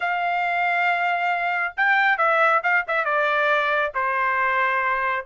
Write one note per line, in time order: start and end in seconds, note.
0.00 1.74 F5
1.76 2.17 G5
2.17 2.61 E5
2.63 2.85 F5
2.87 3.04 E5
3.04 3.92 D5
3.94 5.25 C5